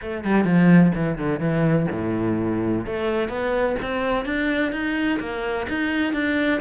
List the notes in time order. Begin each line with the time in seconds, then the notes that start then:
0.01 A3
0.24 G3
0.44 F3
0.94 E3
1.17 D3
1.39 E3
1.91 A2
2.86 A3
3.28 B3
3.81 C4
4.25 D4
4.72 D#4
5.19 A#3
5.68 D#4
6.13 D4